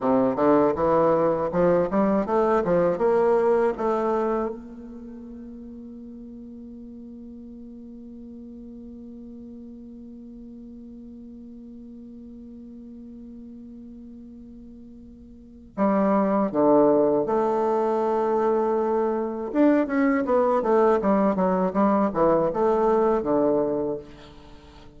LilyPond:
\new Staff \with { instrumentName = "bassoon" } { \time 4/4 \tempo 4 = 80 c8 d8 e4 f8 g8 a8 f8 | ais4 a4 ais2~ | ais1~ | ais1~ |
ais1~ | ais4 g4 d4 a4~ | a2 d'8 cis'8 b8 a8 | g8 fis8 g8 e8 a4 d4 | }